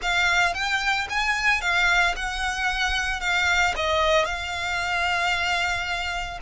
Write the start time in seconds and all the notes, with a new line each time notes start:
0.01 F5
0.54 G5
1.09 G#5
1.61 F5
2.16 F#5
3.20 F5
3.75 D#5
4.24 F5